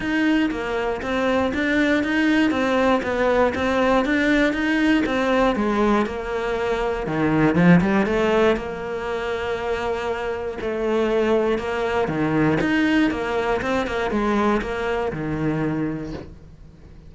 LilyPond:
\new Staff \with { instrumentName = "cello" } { \time 4/4 \tempo 4 = 119 dis'4 ais4 c'4 d'4 | dis'4 c'4 b4 c'4 | d'4 dis'4 c'4 gis4 | ais2 dis4 f8 g8 |
a4 ais2.~ | ais4 a2 ais4 | dis4 dis'4 ais4 c'8 ais8 | gis4 ais4 dis2 | }